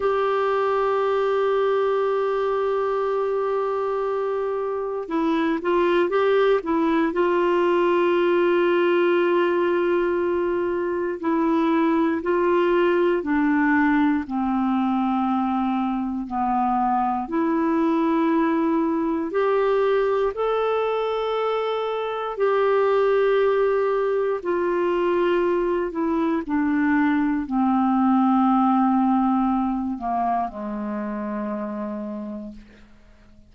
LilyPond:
\new Staff \with { instrumentName = "clarinet" } { \time 4/4 \tempo 4 = 59 g'1~ | g'4 e'8 f'8 g'8 e'8 f'4~ | f'2. e'4 | f'4 d'4 c'2 |
b4 e'2 g'4 | a'2 g'2 | f'4. e'8 d'4 c'4~ | c'4. ais8 gis2 | }